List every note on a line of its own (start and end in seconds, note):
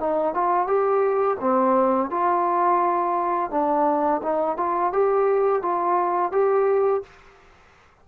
0.00 0.34 D#4
0.34 0.67 F4
0.67 1.38 G4
1.41 2.10 C4
2.10 3.51 F4
3.51 4.21 D4
4.23 4.57 D#4
4.57 4.93 F4
4.93 5.62 G4
5.62 6.32 F4
6.32 7.02 G4